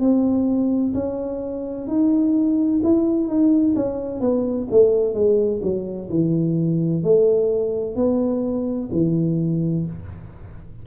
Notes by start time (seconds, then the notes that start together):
0.00 C4
0.94 C#4
1.87 D#4
2.83 E4
3.28 D#4
3.75 C#4
4.21 B3
4.71 A3
5.14 G#3
5.62 F#3
6.09 E3
7.03 A3
7.96 B3
8.92 E3